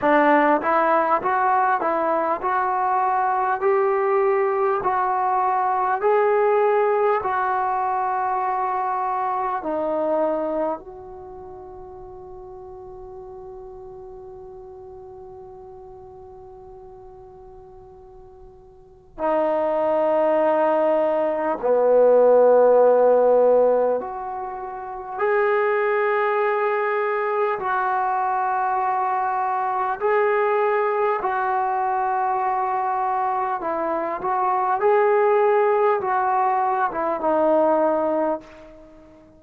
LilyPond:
\new Staff \with { instrumentName = "trombone" } { \time 4/4 \tempo 4 = 50 d'8 e'8 fis'8 e'8 fis'4 g'4 | fis'4 gis'4 fis'2 | dis'4 fis'2.~ | fis'1 |
dis'2 b2 | fis'4 gis'2 fis'4~ | fis'4 gis'4 fis'2 | e'8 fis'8 gis'4 fis'8. e'16 dis'4 | }